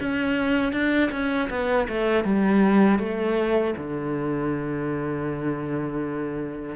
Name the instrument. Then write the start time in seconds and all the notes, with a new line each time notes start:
cello
0.00 C#4
0.72 D4
1.11 C#4
1.49 B3
1.88 A3
2.24 G3
2.99 A3
3.77 D3